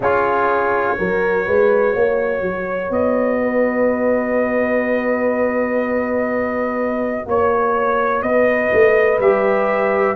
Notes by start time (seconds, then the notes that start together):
0.00 C#4 F4 G#4 C#5
0.97 F#3 F#4 A#4
1.45 G#3 B4
1.93 A#3 C#5
2.41 F#3
2.90 B3 D#5
3.41 B4
7.25 A#3 C#5
8.22 B3 B4 D#5
8.72 A3
9.19 G3 G4 E5